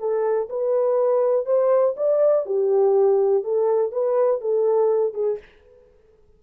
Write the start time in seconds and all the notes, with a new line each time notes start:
0.00 A4
0.50 B4
1.46 C5
1.97 D5
2.46 G4
3.44 A4
3.93 B4
4.42 A4
5.14 G#4